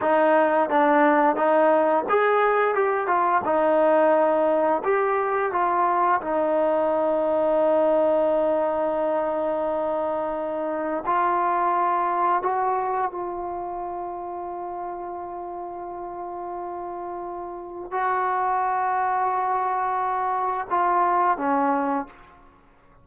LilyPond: \new Staff \with { instrumentName = "trombone" } { \time 4/4 \tempo 4 = 87 dis'4 d'4 dis'4 gis'4 | g'8 f'8 dis'2 g'4 | f'4 dis'2.~ | dis'1 |
f'2 fis'4 f'4~ | f'1~ | f'2 fis'2~ | fis'2 f'4 cis'4 | }